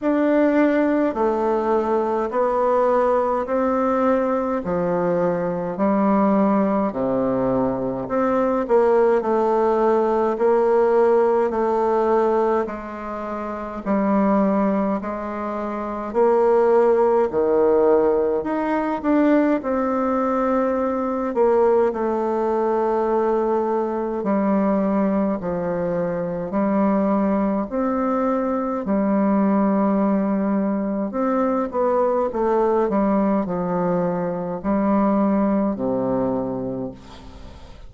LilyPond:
\new Staff \with { instrumentName = "bassoon" } { \time 4/4 \tempo 4 = 52 d'4 a4 b4 c'4 | f4 g4 c4 c'8 ais8 | a4 ais4 a4 gis4 | g4 gis4 ais4 dis4 |
dis'8 d'8 c'4. ais8 a4~ | a4 g4 f4 g4 | c'4 g2 c'8 b8 | a8 g8 f4 g4 c4 | }